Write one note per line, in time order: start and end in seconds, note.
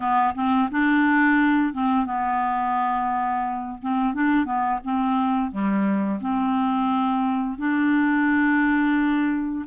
0.00 0.34 B3
0.34 0.69 C4
0.71 1.73 D4
1.73 2.05 C4
2.05 3.77 B3
3.81 4.13 C4
4.13 4.45 D4
4.45 4.79 B3
4.84 5.51 C4
5.51 6.20 G3
6.21 7.58 C4
7.58 9.65 D4